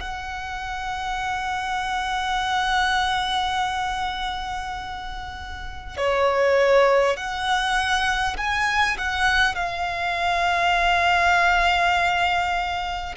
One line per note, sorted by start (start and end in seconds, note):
0.00 5.97 F#5
5.97 7.17 C#5
7.17 8.37 F#5
8.38 8.98 G#5
8.98 9.56 F#5
9.56 13.16 F5